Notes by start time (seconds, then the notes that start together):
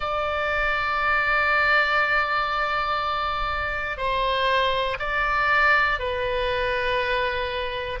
0.00 D5
3.97 C5
4.99 D5
5.99 B4